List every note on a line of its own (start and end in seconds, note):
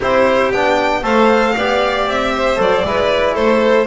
0.00 0.51 C4
0.00 0.52 E4
0.00 1.01 G4
0.00 0.52 C5
0.51 1.02 B3
0.51 1.02 D4
0.51 1.03 G5
1.02 1.54 A3
1.02 1.54 A4
1.02 1.54 C5
1.02 2.09 F5
1.56 2.07 B3
1.56 2.56 G4
1.56 2.34 D5
2.07 2.57 C4
2.07 2.61 E5
2.34 2.86 C5
2.56 2.83 F#3
2.56 2.82 A4
2.56 3.35 D5
2.84 3.35 G#3
2.84 3.86 E4
2.84 3.34 B4
3.34 3.86 A3
3.34 3.86 A4
3.34 3.86 C5